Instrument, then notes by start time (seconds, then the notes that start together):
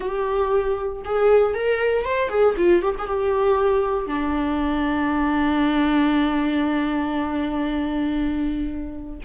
viola
0.00 G4
1.04 G#4
1.54 A#4
2.05 C5
2.29 G#4
2.57 F4
2.82 G4
2.98 G#4
3.07 G4
4.07 D4